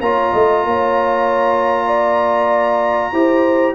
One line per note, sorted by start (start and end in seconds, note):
0.00 0.31 A#3
0.00 3.13 F4
0.00 0.32 C#5
0.00 3.74 A#5
0.32 0.64 A3
0.32 0.63 D#5
0.64 3.12 A#3
0.64 1.86 C#5
1.86 3.11 D5
3.12 3.74 E4
3.12 3.74 G4
3.12 3.74 C5